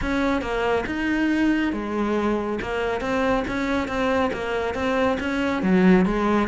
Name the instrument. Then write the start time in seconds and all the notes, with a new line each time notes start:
cello
0.01 C#4
0.41 A#3
0.86 D#4
1.72 G#3
2.61 A#3
3.00 C4
3.47 C#4
3.87 C4
4.33 A#3
4.74 C4
5.20 C#4
5.62 F#3
6.05 G#3